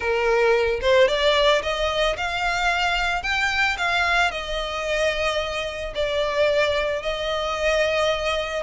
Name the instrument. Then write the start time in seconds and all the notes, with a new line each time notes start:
violin
0.00 A#4
0.81 C5
1.07 D5
1.62 D#5
2.17 F5
3.22 G5
3.77 F5
4.31 D#5
5.94 D5
7.02 D#5